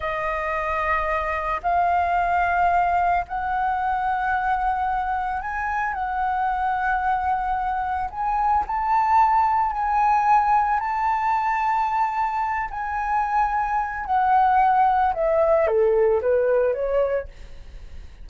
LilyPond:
\new Staff \with { instrumentName = "flute" } { \time 4/4 \tempo 4 = 111 dis''2. f''4~ | f''2 fis''2~ | fis''2 gis''4 fis''4~ | fis''2. gis''4 |
a''2 gis''2 | a''2.~ a''8 gis''8~ | gis''2 fis''2 | e''4 a'4 b'4 cis''4 | }